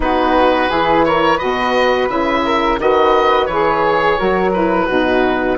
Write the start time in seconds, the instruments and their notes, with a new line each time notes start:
0.00 bassoon B3, saxophone D#4, flute F#4, oboe B4
0.69 bassoon E3, saxophone E4, flute G#4
1.05 flute A#4, oboe C#5
1.36 bassoon B2, saxophone F#4, flute B4, oboe D#5
2.08 bassoon C#3, saxophone E4, oboe E5
2.44 flute A#4
2.78 bassoon D#3, saxophone F#4, flute B4, oboe D#5
3.46 bassoon E3, oboe C#5
3.52 saxophone G#4
3.84 flute G#4
4.17 bassoon F#3, saxophone F#4, flute A#4
4.53 saxophone E4, oboe B4
4.85 bassoon B2, saxophone D#4, flute F#4